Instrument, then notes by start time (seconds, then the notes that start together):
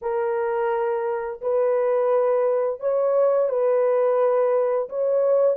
horn
0.01 A#4
1.41 B4
2.80 C#5
3.49 B4
4.89 C#5